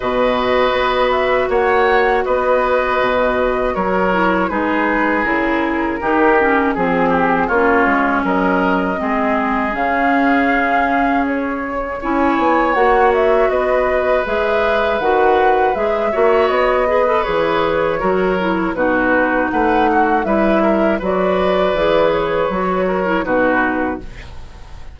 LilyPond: <<
  \new Staff \with { instrumentName = "flute" } { \time 4/4 \tempo 4 = 80 dis''4. e''8 fis''4 dis''4~ | dis''4 cis''4 b'4 ais'4~ | ais'4 gis'4 cis''4 dis''4~ | dis''4 f''2 cis''4 |
gis''4 fis''8 e''8 dis''4 e''4 | fis''4 e''4 dis''4 cis''4~ | cis''4 b'4 fis''4 e''4 | d''4. cis''4. b'4 | }
  \new Staff \with { instrumentName = "oboe" } { \time 4/4 b'2 cis''4 b'4~ | b'4 ais'4 gis'2 | g'4 gis'8 g'8 f'4 ais'4 | gis'1 |
cis''2 b'2~ | b'4. cis''4 b'4. | ais'4 fis'4 b'8 fis'8 b'8 ais'8 | b'2~ b'8 ais'8 fis'4 | }
  \new Staff \with { instrumentName = "clarinet" } { \time 4/4 fis'1~ | fis'4. e'8 dis'4 e'4 | dis'8 cis'8 c'4 cis'2 | c'4 cis'2. |
e'4 fis'2 gis'4 | fis'4 gis'8 fis'4 gis'16 a'16 gis'4 | fis'8 e'8 dis'2 e'4 | fis'4 gis'4 fis'8. e'16 dis'4 | }
  \new Staff \with { instrumentName = "bassoon" } { \time 4/4 b,4 b4 ais4 b4 | b,4 fis4 gis4 cis4 | dis4 f4 ais8 gis8 fis4 | gis4 cis2. |
cis'8 b8 ais4 b4 gis4 | dis4 gis8 ais8 b4 e4 | fis4 b,4 a4 g4 | fis4 e4 fis4 b,4 | }
>>